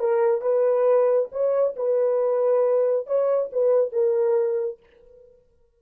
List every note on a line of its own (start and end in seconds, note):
0.00 0.42 A#4
0.42 1.29 B4
1.32 1.76 C#5
1.77 3.07 B4
3.07 3.51 C#5
3.53 3.93 B4
3.93 4.80 A#4